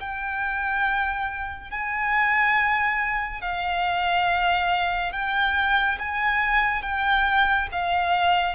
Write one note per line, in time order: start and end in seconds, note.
0.00 1.71 G5
1.71 3.42 G#5
3.42 5.13 F5
5.13 5.98 G5
5.99 6.83 G#5
6.83 7.68 G5
7.72 8.56 F5